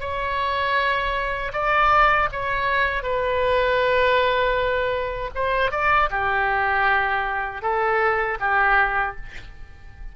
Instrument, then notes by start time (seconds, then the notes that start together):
oboe
0.00 C#5
1.53 D5
2.32 C#5
3.03 B4
5.35 C5
5.71 D5
6.11 G4
7.62 A4
8.40 G4